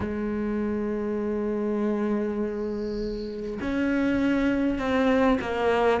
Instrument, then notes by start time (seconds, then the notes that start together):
cello
0.00 G#3
3.61 C#4
4.78 C4
5.41 A#3